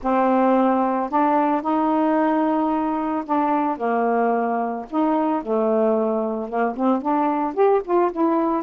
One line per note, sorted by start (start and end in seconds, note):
0.02 1.10 C4
1.10 1.61 D4
1.61 3.23 D#4
3.25 3.77 D4
3.77 4.85 A#3
4.89 5.42 D#4
5.42 6.48 A3
6.48 6.75 A#3
6.76 7.01 C4
7.01 7.54 D4
7.54 7.81 G4
7.84 8.11 F4
8.12 8.63 E4